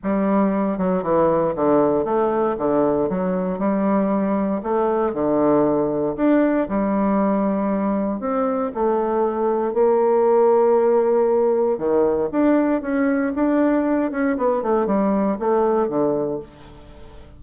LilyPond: \new Staff \with { instrumentName = "bassoon" } { \time 4/4 \tempo 4 = 117 g4. fis8 e4 d4 | a4 d4 fis4 g4~ | g4 a4 d2 | d'4 g2. |
c'4 a2 ais4~ | ais2. dis4 | d'4 cis'4 d'4. cis'8 | b8 a8 g4 a4 d4 | }